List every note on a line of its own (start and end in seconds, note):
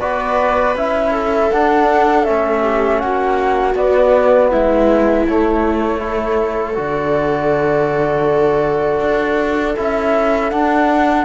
0.00 0.75 B3
0.00 0.75 F#4
0.00 1.10 B4
0.00 0.75 D5
0.75 1.50 C#4
0.75 1.51 E4
0.75 1.51 E5
1.10 2.60 A4
1.51 2.27 D4
1.51 2.24 D4
1.51 2.24 F#5
2.24 3.03 A3
2.24 3.74 C#4
2.24 2.99 E5
2.61 2.98 G4
2.99 3.74 A#3
2.99 4.50 F#4
2.99 3.74 F#5
3.74 4.49 B3
3.74 5.26 B3
3.74 4.50 D5
4.50 5.27 G#3
4.50 6.00 E4
4.50 5.26 E5
5.27 6.77 A3
5.27 5.98 A3
5.27 6.78 C#5
5.98 6.73 E4
5.98 11.25 A4
6.74 9.00 D3
6.74 9.74 F#4
6.74 9.77 D5
9.00 9.75 D4
9.77 10.52 C#4
9.77 10.51 E4
9.77 10.50 E5
10.50 11.25 D4
10.50 11.25 F#5